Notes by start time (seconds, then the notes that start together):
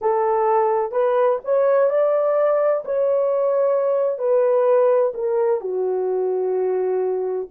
0.01 A4
0.91 B4
1.44 C#5
1.90 D5
2.84 C#5
4.18 B4
5.13 A#4
5.60 F#4